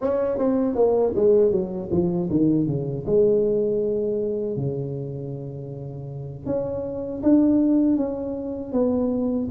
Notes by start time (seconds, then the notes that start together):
0.01 C#4
0.38 C4
0.75 A#3
1.15 G#3
1.51 F#3
1.91 F3
2.30 D#3
2.67 C#3
3.06 G#3
4.56 C#3
6.46 C#4
7.23 D4
7.96 C#4
8.72 B3